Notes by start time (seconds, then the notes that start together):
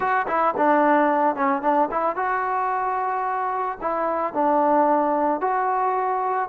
0.00 F#4
0.27 E4
0.57 D4
1.35 C#4
1.61 D4
1.91 E4
2.16 F#4
3.81 E4
4.33 D4
5.41 F#4